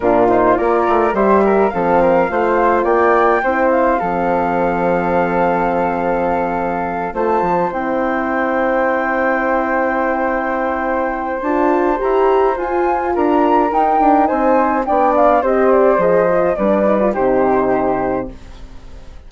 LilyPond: <<
  \new Staff \with { instrumentName = "flute" } { \time 4/4 \tempo 4 = 105 ais'8 c''8 d''4 e''4 f''4~ | f''4 g''4. f''4.~ | f''1~ | f''8 a''4 g''2~ g''8~ |
g''1 | a''4 ais''4 gis''4 ais''4 | g''4 gis''4 g''8 f''8 dis''8 d''8 | dis''4 d''4 c''2 | }
  \new Staff \with { instrumentName = "flute" } { \time 4/4 f'4 ais'4 c''8 ais'8 a'8 ais'8 | c''4 d''4 c''4 a'4~ | a'1~ | a'8 c''2.~ c''8~ |
c''1~ | c''2. ais'4~ | ais'4 c''4 d''4 c''4~ | c''4 b'4 g'2 | }
  \new Staff \with { instrumentName = "horn" } { \time 4/4 d'8 dis'8 f'4 g'4 c'4 | f'2 e'4 c'4~ | c'1~ | c'8 f'4 e'2~ e'8~ |
e'1 | f'4 g'4 f'2 | dis'2 d'4 g'4 | gis'8 f'8 d'8 dis'16 f'16 dis'2 | }
  \new Staff \with { instrumentName = "bassoon" } { \time 4/4 ais,4 ais8 a8 g4 f4 | a4 ais4 c'4 f4~ | f1~ | f8 a8 f8 c'2~ c'8~ |
c'1 | d'4 e'4 f'4 d'4 | dis'8 d'8 c'4 b4 c'4 | f4 g4 c2 | }
>>